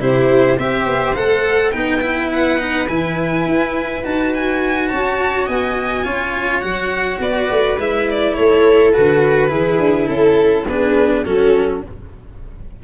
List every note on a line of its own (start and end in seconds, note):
0.00 0.58 C3
0.00 0.58 E4
0.00 0.58 G4
0.00 0.59 C5
0.58 0.86 C4
0.58 1.16 G4
0.58 1.73 C5
0.58 1.15 E5
0.86 1.15 B3
1.15 1.73 A3
1.15 1.72 A4
1.15 1.71 F#5
1.71 2.88 B3
1.71 2.01 D#4
1.71 4.90 B4
1.71 2.29 G5
2.01 2.58 E4
2.33 2.88 F#5
2.58 2.87 D#4
2.88 3.46 E3
2.88 4.03 E4
2.88 4.03 G#5
3.46 4.04 E4
4.03 4.91 D#4
4.03 6.04 F#4
4.03 4.33 A5
4.34 4.88 G#5
4.88 5.48 C#4
4.88 5.46 C#5
4.88 5.46 A5
5.46 6.06 B3
5.46 6.04 D#5
5.46 6.60 G#5
6.04 6.63 C#4
6.04 6.62 F4
6.04 7.19 C#5
6.60 7.19 F#3
6.60 7.77 F#4
6.60 7.18 F#5
7.19 7.48 B3
7.19 8.36 B4
7.19 7.79 D5
7.50 7.77 A3
7.77 8.34 G#3
7.77 8.93 E4
7.77 8.09 E5
8.10 8.34 D5
8.34 8.96 A3
8.34 9.50 A4
8.34 8.92 C#5
8.93 9.52 D3
8.93 9.48 F#4
8.93 10.08 B4
9.48 9.79 E3
9.48 10.63 E4
9.48 10.06 G#4
9.79 10.07 D4
10.06 10.67 C#4
10.06 10.64 A4
10.06 10.67 A4
10.67 11.25 B3
10.67 11.25 D4
10.67 11.25 G#4
10.67 11.24 B4
11.24 11.84 F#3
11.24 11.83 C#4
11.24 11.83 F#4
11.24 11.82 A4